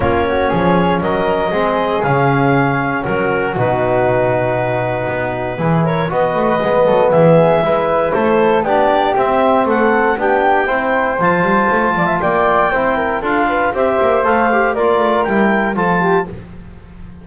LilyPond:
<<
  \new Staff \with { instrumentName = "clarinet" } { \time 4/4 \tempo 4 = 118 cis''2 dis''2 | f''2 ais'4 b'4~ | b'2.~ b'8 cis''8 | dis''2 e''2 |
c''4 d''4 e''4 fis''4 | g''2 a''2 | g''2 f''4 e''4 | f''4 d''4 g''4 a''4 | }
  \new Staff \with { instrumentName = "flute" } { \time 4/4 f'8 fis'8 gis'4 ais'4 gis'4~ | gis'2 fis'2~ | fis'2. gis'8 ais'8 | b'4. a'8 gis'4 b'4 |
a'4 g'2 a'4 | g'4 c''2~ c''8 d''16 e''16 | d''4 c''8 ais'8 a'8 b'8 c''4~ | c''4 ais'2 a'8 g'8 | }
  \new Staff \with { instrumentName = "trombone" } { \time 4/4 cis'2. c'4 | cis'2. dis'4~ | dis'2. e'4 | fis'4 b2 e'4~ |
e'4 d'4 c'2 | d'4 e'4 f'2~ | f'4 e'4 f'4 g'4 | a'8 g'8 f'4 e'4 f'4 | }
  \new Staff \with { instrumentName = "double bass" } { \time 4/4 ais4 f4 fis4 gis4 | cis2 fis4 b,4~ | b,2 b4 e4 | b8 a8 gis8 fis8 e4 gis4 |
a4 b4 c'4 a4 | b4 c'4 f8 g8 a8 f8 | ais4 c'4 d'4 c'8 ais8 | a4 ais8 a8 g4 f4 | }
>>